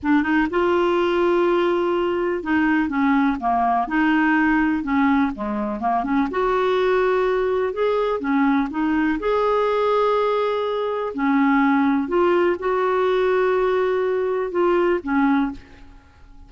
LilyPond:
\new Staff \with { instrumentName = "clarinet" } { \time 4/4 \tempo 4 = 124 d'8 dis'8 f'2.~ | f'4 dis'4 cis'4 ais4 | dis'2 cis'4 gis4 | ais8 cis'8 fis'2. |
gis'4 cis'4 dis'4 gis'4~ | gis'2. cis'4~ | cis'4 f'4 fis'2~ | fis'2 f'4 cis'4 | }